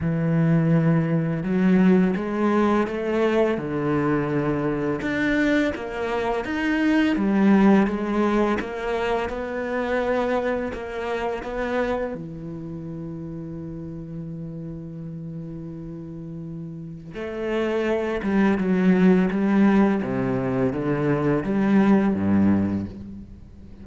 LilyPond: \new Staff \with { instrumentName = "cello" } { \time 4/4 \tempo 4 = 84 e2 fis4 gis4 | a4 d2 d'4 | ais4 dis'4 g4 gis4 | ais4 b2 ais4 |
b4 e2.~ | e1 | a4. g8 fis4 g4 | c4 d4 g4 g,4 | }